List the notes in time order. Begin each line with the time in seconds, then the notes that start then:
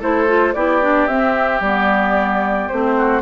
0.00 A3 E4 A4 C5
0.27 F4
0.54 B3 E4 G4 D5
0.82 D4
1.07 C4 E5
1.61 G3 B3 D5
2.69 A3 C4 C5
2.98 F#4